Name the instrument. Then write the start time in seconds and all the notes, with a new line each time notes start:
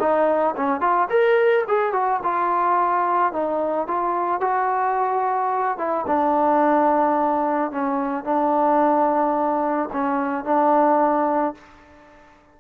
trombone
0.00 D#4
0.57 C#4
0.81 F4
1.10 A#4
1.68 G#4
1.93 F#4
2.24 F4
3.33 D#4
3.88 F4
4.41 F#4
5.78 E4
6.08 D4
7.72 C#4
8.24 D4
9.93 C#4
10.45 D4